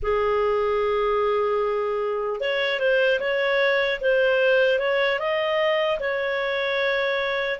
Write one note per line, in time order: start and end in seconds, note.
0.02 2.40 G#4
2.40 2.79 C#5
2.79 3.19 C5
3.20 4.00 C#5
4.00 4.79 C5
4.79 5.19 C#5
5.19 5.99 D#5
5.99 7.59 C#5